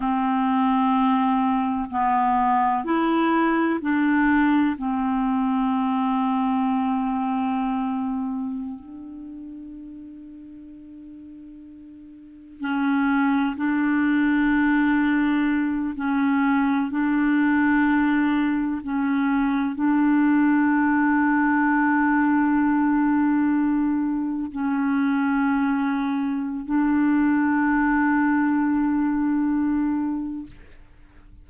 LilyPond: \new Staff \with { instrumentName = "clarinet" } { \time 4/4 \tempo 4 = 63 c'2 b4 e'4 | d'4 c'2.~ | c'4~ c'16 d'2~ d'8.~ | d'4~ d'16 cis'4 d'4.~ d'16~ |
d'8. cis'4 d'2 cis'16~ | cis'8. d'2.~ d'16~ | d'4.~ d'16 cis'2~ cis'16 | d'1 | }